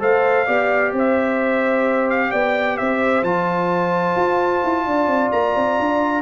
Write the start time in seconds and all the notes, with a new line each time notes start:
0.00 A3 A4 C5 F5
0.46 B3 G4 D5
0.93 C4 C5 E5
2.10 F5
2.30 B3 D5 G5
2.77 C4 C5 E5
3.23 F3 F4 A5
4.16 F4
4.64 E4
4.86 D4 D5
5.07 C4
5.32 A#3 A#5
5.56 C4
5.80 D4